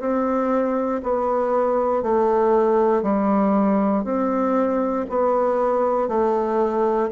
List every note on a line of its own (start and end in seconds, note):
0.00 1.02 C4
1.03 2.03 B3
2.03 3.03 A3
3.03 4.04 G3
4.04 5.06 C4
5.10 6.08 B3
6.08 7.10 A3